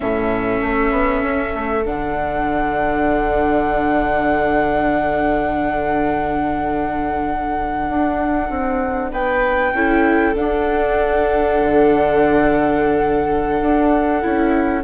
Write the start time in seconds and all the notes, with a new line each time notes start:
0.00 A2 C#4 A4 E5
0.62 A3
0.91 B3
1.22 C#4
1.54 A3
1.85 D3 D4 F#5
7.89 D4
8.49 C4
9.11 B3 B4 G5
9.72 C#4 E4 A4
10.34 D4 F#5
11.60 D3
13.61 D4
14.21 C#4 E4